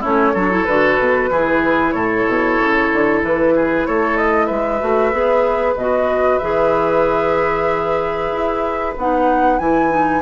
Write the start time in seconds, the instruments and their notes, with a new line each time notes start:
0.00 bassoon A3, clarinet C#4, oboe E4, flute C#5
0.34 bassoon F#3, clarinet D4, oboe A4
0.51 clarinet E4
0.65 bassoon D3, clarinet F#4, flute B4
0.99 bassoon B2
1.31 bassoon E3, clarinet E4, oboe G#4
1.92 bassoon A2, oboe A4, flute C#5
2.28 bassoon B2
2.59 bassoon C#3
2.93 bassoon D3
3.23 bassoon E3, flute B4
3.55 oboe G#4
3.86 bassoon A3, oboe A4, flute C#5
4.17 flute D#5
4.46 bassoon G#3, oboe B4, flute E5
4.81 bassoon A3, clarinet F#4
5.12 bassoon B3, clarinet G#4
5.75 bassoon B2, clarinet F#4, flute D#5
6.39 bassoon E3, clarinet G#4, flute E5
8.32 bassoon E4
8.97 bassoon B3, clarinet D#4, flute F#5
9.59 bassoon E3, clarinet E4, flute G#5
9.90 clarinet D#4